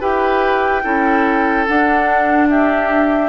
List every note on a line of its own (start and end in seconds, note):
0.00 0.83 E4
0.00 0.82 G4
0.00 0.83 B4
0.00 1.66 G5
0.84 1.67 C#4
0.84 1.66 E4
0.84 2.49 A4
1.66 3.29 D4
1.66 2.48 F#5
2.49 3.29 G4
2.49 3.29 E5